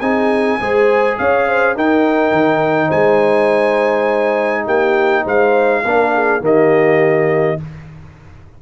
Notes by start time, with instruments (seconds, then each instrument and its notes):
0.00 tuba C4, trombone D#4, horn G#4, trumpet G#5
0.59 tuba G#3, trombone G#4, horn C5
1.18 tuba C#4, horn C#5, trumpet F5
1.48 horn C5
1.75 tuba D#4, trombone D#4, horn A#4, trumpet G5
2.31 tuba D#3
2.87 tuba G#3, horn C5, trumpet G#5
4.65 tuba A#3, horn G4, trumpet G5
5.23 tuba G#3, horn C5, trumpet F5
5.85 tuba A#3, trombone D4, horn A#4
6.14 horn G#4
6.41 tuba D#3, trombone A#3, horn G4, trumpet D#5